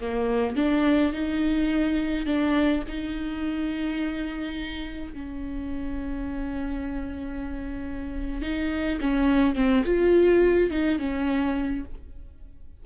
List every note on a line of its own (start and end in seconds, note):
0.00 0.56 A#3
0.56 1.12 D4
1.12 2.25 D#4
2.25 2.83 D4
2.88 5.13 D#4
5.13 8.42 C#4
8.42 8.99 D#4
9.01 9.55 C#4
9.55 9.83 C4
9.85 10.70 F4
10.70 10.98 D#4
10.98 11.84 C#4